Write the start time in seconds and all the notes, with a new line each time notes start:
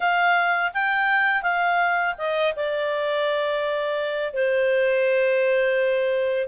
0.00 F5
0.73 G5
1.42 F5
2.18 D#5
2.56 D5
4.33 C5